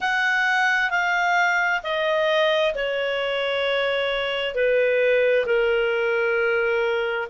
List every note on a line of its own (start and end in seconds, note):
0.00 0.90 F#5
0.90 1.81 F5
1.83 2.74 D#5
2.74 4.55 C#5
4.55 5.45 B4
5.45 7.27 A#4